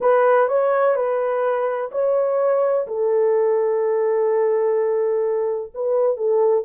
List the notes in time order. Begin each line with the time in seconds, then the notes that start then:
0.00 B4
0.48 C#5
0.95 B4
1.91 C#5
2.87 A4
5.74 B4
6.16 A4